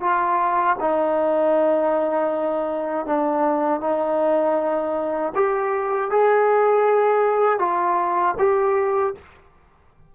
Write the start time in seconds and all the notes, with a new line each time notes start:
0.00 F4
0.80 D#4
3.06 D4
3.80 D#4
5.34 G4
6.10 G#4
7.59 F4
8.38 G4